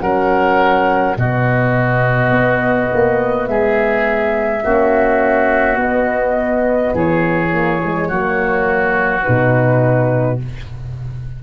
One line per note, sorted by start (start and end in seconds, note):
0.00 1.16 F#3
0.00 1.16 C#4
0.00 1.17 A#4
0.00 1.15 F#5
1.16 2.30 B2
1.16 4.62 B3
1.16 3.49 F#4
1.16 3.47 D#5
2.30 2.88 B3
2.93 3.48 A#3
3.47 4.63 G#3
3.47 4.63 G#4
3.47 5.78 E5
4.62 5.76 A#3
4.62 5.78 C#4
4.62 6.94 F#4
5.76 6.92 B3
5.76 7.52 B3
5.76 6.95 D#5
6.94 8.10 E3
6.94 8.08 G#4
6.94 9.23 C#5
7.52 7.81 A#3
7.84 8.11 G#3
8.08 9.25 F#3
8.08 9.22 A#3
8.08 10.38 F#4
9.22 10.43 B2
9.22 10.37 D#4
9.22 10.38 B4